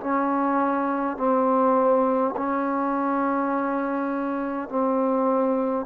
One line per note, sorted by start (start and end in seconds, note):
0.00 1.17 C#4
1.17 2.35 C4
2.36 4.69 C#4
4.69 5.86 C4